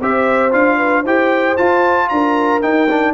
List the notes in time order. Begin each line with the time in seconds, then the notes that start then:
0.00 C4 G4 C5 E5
0.51 D4 F4 F5
0.77 B4
1.01 E4 G4 C5 G5
1.56 F4 A5
2.08 D4 A#4 A#5
2.61 D#4 G5
2.89 D4